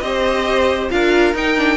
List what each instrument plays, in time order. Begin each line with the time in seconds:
0.00 cello C4, viola G4, violin C5 D#5
0.90 cello D4, viola F4, violin A#4 F5
1.33 cello D#4, viola D#4, violin G5
1.56 viola D4